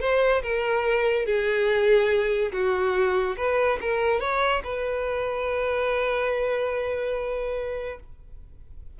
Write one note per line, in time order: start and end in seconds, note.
0.00 0.42 C5
0.43 1.25 A#4
1.25 2.51 G#4
2.52 3.36 F#4
3.37 3.79 B4
3.81 4.20 A#4
4.20 4.62 C#5
4.63 7.99 B4